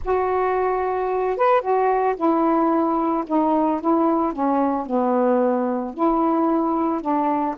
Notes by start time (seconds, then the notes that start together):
0.04 F#4
1.37 B4
1.61 F#4
2.16 E4
3.26 D#4
3.80 E4
4.32 C#4
4.86 B3
5.93 E4
7.01 D4